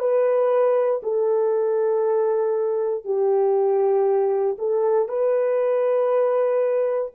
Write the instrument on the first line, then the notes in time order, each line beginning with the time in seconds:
horn
0.00 B4
1.03 A4
3.05 G4
4.59 A4
5.09 B4